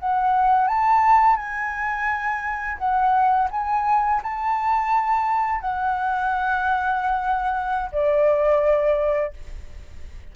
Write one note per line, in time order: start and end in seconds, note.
0.00 0.68 F#5
0.68 1.37 A5
1.37 2.78 G#5
2.79 3.49 F#5
3.51 4.22 G#5
4.23 5.61 A5
5.61 7.91 F#5
7.93 9.34 D5